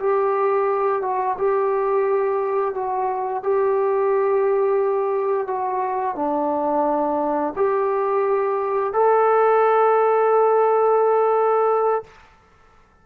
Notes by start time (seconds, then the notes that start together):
0.00 G4
1.03 F#4
1.38 G4
2.75 F#4
3.44 G4
5.48 F#4
6.16 D4
7.56 G4
8.94 A4